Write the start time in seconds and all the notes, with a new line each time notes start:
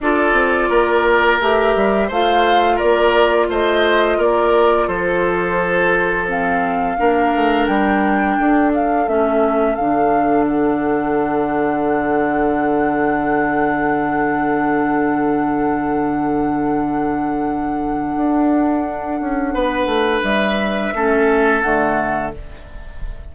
0.00 D4 F4 A4 D5
0.32 C4
0.69 A#3 A#4
1.40 A3 G4 E5
1.75 G3
2.07 A3 F4 C5 F5
2.76 A#4 D5
2.82 A#3
3.49 A3 C5 D#5
4.17 A#3 A#4 D5
4.87 F3 A4 C5
6.28 C4 F5
6.97 A#3 D4 A#4
7.34 A3
7.66 G3 G5
8.37 D4 A4
8.73 F5
9.07 A3 C#4 E5
9.75 D3 D4 F5
10.47 F#5
18.16 D4
19.20 C#4
19.54 B3 B4
19.85 A3
20.22 G3 E5
20.93 A3 C#4 A4
21.61 D3 A3 F#5